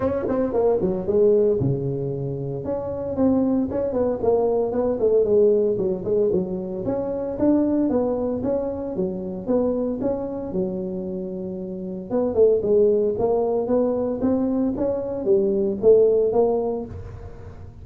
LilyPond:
\new Staff \with { instrumentName = "tuba" } { \time 4/4 \tempo 4 = 114 cis'8 c'8 ais8 fis8 gis4 cis4~ | cis4 cis'4 c'4 cis'8 b8 | ais4 b8 a8 gis4 fis8 gis8 | fis4 cis'4 d'4 b4 |
cis'4 fis4 b4 cis'4 | fis2. b8 a8 | gis4 ais4 b4 c'4 | cis'4 g4 a4 ais4 | }